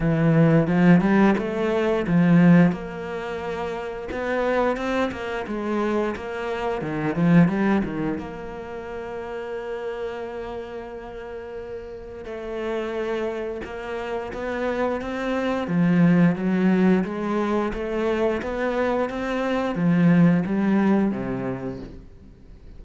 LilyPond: \new Staff \with { instrumentName = "cello" } { \time 4/4 \tempo 4 = 88 e4 f8 g8 a4 f4 | ais2 b4 c'8 ais8 | gis4 ais4 dis8 f8 g8 dis8 | ais1~ |
ais2 a2 | ais4 b4 c'4 f4 | fis4 gis4 a4 b4 | c'4 f4 g4 c4 | }